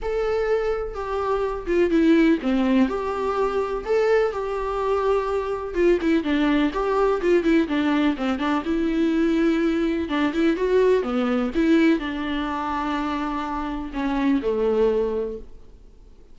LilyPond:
\new Staff \with { instrumentName = "viola" } { \time 4/4 \tempo 4 = 125 a'2 g'4. f'8 | e'4 c'4 g'2 | a'4 g'2. | f'8 e'8 d'4 g'4 f'8 e'8 |
d'4 c'8 d'8 e'2~ | e'4 d'8 e'8 fis'4 b4 | e'4 d'2.~ | d'4 cis'4 a2 | }